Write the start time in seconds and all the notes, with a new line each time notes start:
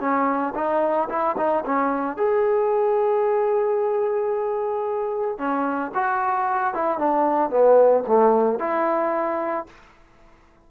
0.00 C#4
0.55 D#4
1.09 E4
1.37 D#4
1.65 C#4
2.16 G#4
5.38 C#4
5.94 F#4
6.74 E4
6.98 D4
7.50 B3
8.07 A3
8.59 E4